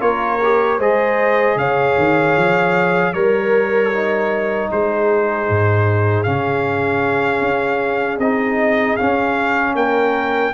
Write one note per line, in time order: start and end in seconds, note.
0.00 0.79 A#3
0.00 0.39 F4
0.00 0.78 A#4
0.00 0.79 C#5
0.43 0.80 G4
0.78 1.55 G#3
0.78 3.14 G#4
0.78 1.56 C5
0.78 1.58 D#5
1.55 1.94 C#3
1.55 3.14 C#5
1.55 3.13 F5
1.97 2.36 D#3
2.36 3.14 F3
3.13 4.69 G3
3.13 3.92 A#4
3.13 4.71 A#4
3.13 4.69 C#5
3.92 6.25 D#4
4.71 5.49 G#3
4.71 9.75 G#4
4.71 6.23 C5
5.49 6.26 G#2
6.23 7.41 C#3
6.23 8.20 C#4
6.23 8.18 F5
7.41 8.18 C#4
8.18 8.96 C4
8.18 8.98 D#4
8.18 8.96 D#5
8.96 10.53 C#4
8.96 9.74 C#4
8.96 9.74 F5
9.74 10.52 A#3
9.74 10.53 A#4
9.74 10.53 G5